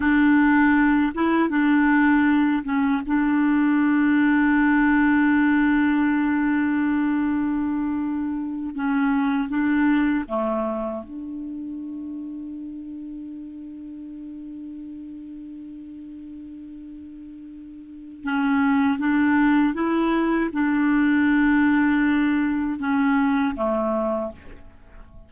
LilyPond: \new Staff \with { instrumentName = "clarinet" } { \time 4/4 \tempo 4 = 79 d'4. e'8 d'4. cis'8 | d'1~ | d'2.~ d'8 cis'8~ | cis'8 d'4 a4 d'4.~ |
d'1~ | d'1 | cis'4 d'4 e'4 d'4~ | d'2 cis'4 a4 | }